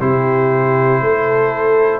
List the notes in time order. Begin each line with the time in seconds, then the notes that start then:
0.00 C3 E4 G4 C5
1.01 A3 A4